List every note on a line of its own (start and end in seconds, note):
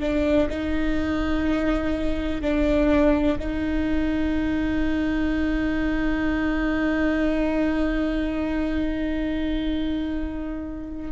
0.00 0.48 D4
0.50 2.41 D#4
2.41 3.38 D4
3.39 11.12 D#4